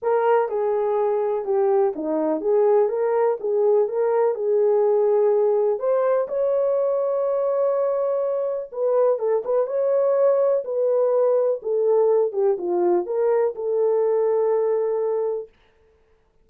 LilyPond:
\new Staff \with { instrumentName = "horn" } { \time 4/4 \tempo 4 = 124 ais'4 gis'2 g'4 | dis'4 gis'4 ais'4 gis'4 | ais'4 gis'2. | c''4 cis''2.~ |
cis''2 b'4 a'8 b'8 | cis''2 b'2 | a'4. g'8 f'4 ais'4 | a'1 | }